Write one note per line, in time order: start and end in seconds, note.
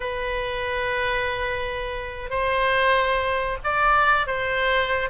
0.00 2.30 B4
2.30 3.57 C5
3.64 4.26 D5
4.26 5.09 C5